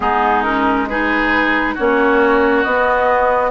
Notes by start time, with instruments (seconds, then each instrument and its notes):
0.00 bassoon G#3, clarinet B3, oboe D#4, flute G#4
0.42 clarinet C#4, flute A#4
0.87 clarinet D#4, oboe G#4, flute B4
1.74 bassoon A#3, clarinet C#4, oboe F#4, flute C#5
2.62 bassoon B3, clarinet B3, flute D#5